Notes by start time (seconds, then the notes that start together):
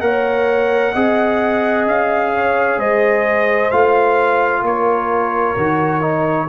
0.00 A#3 A#4 C#5 F#5
0.92 C4 G#4 D#5
1.86 C#4 F5
2.34 C#5
2.77 G#3 C5 D#5
3.71 A3 F4 F5
4.61 A#3 A#4 C#5
5.56 D#3 F#4
6.01 D#4